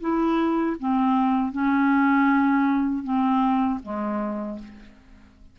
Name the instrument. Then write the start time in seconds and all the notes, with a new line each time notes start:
clarinet
0.00 E4
0.79 C4
1.52 C#4
3.03 C4
3.83 G#3